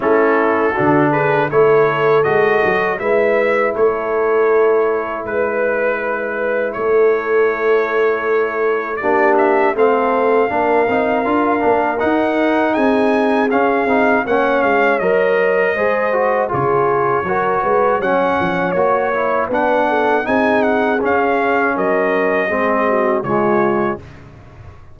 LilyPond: <<
  \new Staff \with { instrumentName = "trumpet" } { \time 4/4 \tempo 4 = 80 a'4. b'8 cis''4 dis''4 | e''4 cis''2 b'4~ | b'4 cis''2. | d''8 e''8 f''2. |
fis''4 gis''4 f''4 fis''8 f''8 | dis''2 cis''2 | fis''4 cis''4 fis''4 gis''8 fis''8 | f''4 dis''2 cis''4 | }
  \new Staff \with { instrumentName = "horn" } { \time 4/4 e'4 fis'8 gis'8 a'2 | b'4 a'2 b'4~ | b'4 a'2. | g'4 a'4 ais'2~ |
ais'4 gis'2 cis''4~ | cis''4 c''4 gis'4 ais'8 b'8 | cis''2 b'8 a'8 gis'4~ | gis'4 ais'4 gis'8 fis'8 f'4 | }
  \new Staff \with { instrumentName = "trombone" } { \time 4/4 cis'4 d'4 e'4 fis'4 | e'1~ | e'1 | d'4 c'4 d'8 dis'8 f'8 d'8 |
dis'2 cis'8 dis'8 cis'4 | ais'4 gis'8 fis'8 f'4 fis'4 | cis'4 fis'8 e'8 d'4 dis'4 | cis'2 c'4 gis4 | }
  \new Staff \with { instrumentName = "tuba" } { \time 4/4 a4 d4 a4 gis8 fis8 | gis4 a2 gis4~ | gis4 a2. | ais4 a4 ais8 c'8 d'8 ais8 |
dis'4 c'4 cis'8 c'8 ais8 gis8 | fis4 gis4 cis4 fis8 gis8 | fis8 f8 ais4 b4 c'4 | cis'4 fis4 gis4 cis4 | }
>>